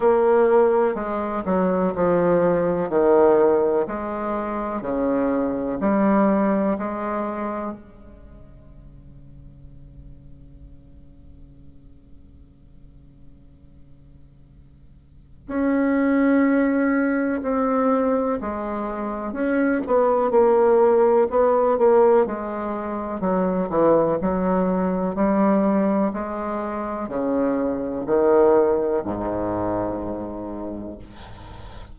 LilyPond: \new Staff \with { instrumentName = "bassoon" } { \time 4/4 \tempo 4 = 62 ais4 gis8 fis8 f4 dis4 | gis4 cis4 g4 gis4 | cis1~ | cis1 |
cis'2 c'4 gis4 | cis'8 b8 ais4 b8 ais8 gis4 | fis8 e8 fis4 g4 gis4 | cis4 dis4 gis,2 | }